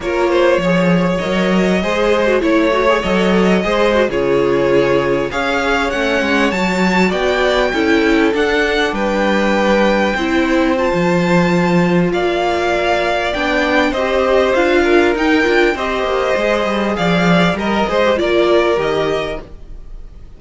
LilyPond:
<<
  \new Staff \with { instrumentName = "violin" } { \time 4/4 \tempo 4 = 99 cis''2 dis''2 | cis''4 dis''4.~ dis''16 cis''4~ cis''16~ | cis''8. f''4 fis''4 a''4 g''16~ | g''4.~ g''16 fis''4 g''4~ g''16~ |
g''4.~ g''16 a''2~ a''16 | f''2 g''4 dis''4 | f''4 g''4 dis''2 | f''4 ais'8 c''8 d''4 dis''4 | }
  \new Staff \with { instrumentName = "violin" } { \time 4/4 ais'8 c''8 cis''2 c''4 | cis''2 c''8. gis'4~ gis'16~ | gis'8. cis''2. d''16~ | d''8. a'2 b'4~ b'16~ |
b'8. c''2.~ c''16 | d''2. c''4~ | c''8 ais'4. c''2 | d''4 dis''4 ais'2 | }
  \new Staff \with { instrumentName = "viola" } { \time 4/4 f'4 gis'4 ais'4 gis'8. fis'16 | e'8 fis'16 gis'16 a'4 gis'8 fis'16 f'4~ f'16~ | f'8. gis'4 cis'4 fis'4~ fis'16~ | fis'8. e'4 d'2~ d'16~ |
d'8. e'4 f'2~ f'16~ | f'2 d'4 g'4 | f'4 dis'8 f'8 g'4 gis'4~ | gis'4 ais'8 gis'16 g'16 f'4 g'4 | }
  \new Staff \with { instrumentName = "cello" } { \time 4/4 ais4 f4 fis4 gis4 | a4 fis4 gis8. cis4~ cis16~ | cis8. cis'4 a8 gis8 fis4 b16~ | b8. cis'4 d'4 g4~ g16~ |
g8. c'4~ c'16 f2 | ais2 b4 c'4 | d'4 dis'8 d'8 c'8 ais8 gis8 g8 | f4 g8 gis8 ais4 dis4 | }
>>